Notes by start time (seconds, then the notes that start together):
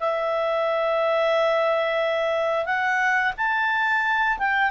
0.00 E5
2.66 F#5
3.37 A5
4.39 G5